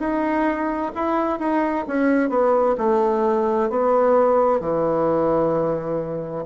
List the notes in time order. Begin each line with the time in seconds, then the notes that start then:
0.00 D#4
0.95 E4
1.39 D#4
1.88 C#4
2.30 B3
2.78 A3
3.70 B3
4.61 E3